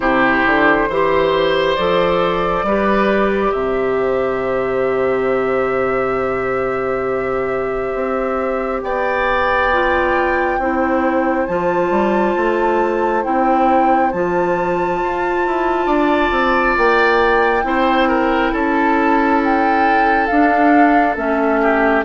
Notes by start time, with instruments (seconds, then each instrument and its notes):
0.00 bassoon C3, clarinet E4, oboe G4, flute C5
0.46 bassoon D3
0.88 bassoon E3, clarinet G4, oboe C5
1.75 bassoon F3, clarinet A4, flute D5
2.63 bassoon G3, clarinet G4, oboe B4
3.51 bassoon C3, oboe C5, flute E5
7.94 bassoon C4
8.82 bassoon B3, oboe D5, flute G5
9.73 clarinet F4
10.58 bassoon C4, clarinet E4, oboe C5
11.46 bassoon F3, clarinet F4, flute A5
11.90 bassoon G3
12.36 bassoon A3
13.23 bassoon C4, clarinet E4, flute G5
14.11 bassoon F3, clarinet F4, flute A5
15.02 bassoon F4
15.46 bassoon E4
15.86 bassoon D4, oboe D5
16.31 bassoon C4
16.77 bassoon A#3, flute G5
17.63 bassoon C4, clarinet E4, oboe C5
18.08 oboe A#4
18.52 bassoon C#4, oboe A4, flute A5
19.44 flute G5
20.26 bassoon D4, clarinet D4, flute F5
21.16 bassoon A3, clarinet C#4, flute E5
21.61 oboe G4